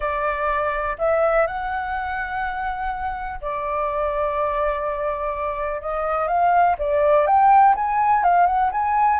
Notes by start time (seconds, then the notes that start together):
0.00 D5
0.98 E5
1.46 F#5
3.41 D5
5.81 D#5
6.27 F5
6.78 D5
7.26 G5
7.75 G#5
8.23 F5
8.46 F#5
8.71 G#5